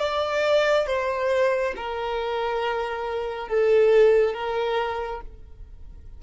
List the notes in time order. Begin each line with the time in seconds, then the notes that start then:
0.00 D5
0.87 C5
1.77 A#4
3.49 A4
4.34 A#4